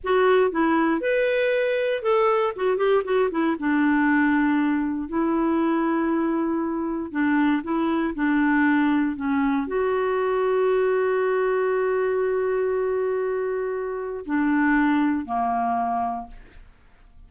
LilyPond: \new Staff \with { instrumentName = "clarinet" } { \time 4/4 \tempo 4 = 118 fis'4 e'4 b'2 | a'4 fis'8 g'8 fis'8 e'8 d'4~ | d'2 e'2~ | e'2 d'4 e'4 |
d'2 cis'4 fis'4~ | fis'1~ | fis'1 | d'2 ais2 | }